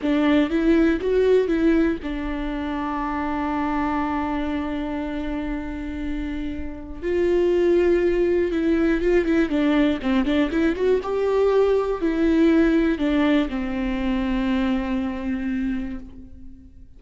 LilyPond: \new Staff \with { instrumentName = "viola" } { \time 4/4 \tempo 4 = 120 d'4 e'4 fis'4 e'4 | d'1~ | d'1~ | d'2 f'2~ |
f'4 e'4 f'8 e'8 d'4 | c'8 d'8 e'8 fis'8 g'2 | e'2 d'4 c'4~ | c'1 | }